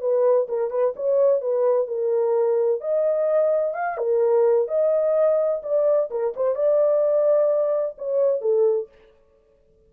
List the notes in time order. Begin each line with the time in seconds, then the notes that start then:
0.00 B4
0.48 A#4
0.70 B4
0.95 C#5
1.41 B4
1.87 A#4
2.80 D#5
3.74 F5
3.97 A#4
4.67 D#5
5.62 D5
6.10 A#4
6.36 C5
6.55 D5
7.98 C#5
8.41 A4